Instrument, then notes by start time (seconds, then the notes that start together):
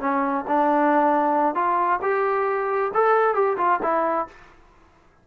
trombone
0.00 C#4
0.48 D4
1.55 F4
2.02 G4
2.94 A4
3.34 G4
3.57 F4
3.82 E4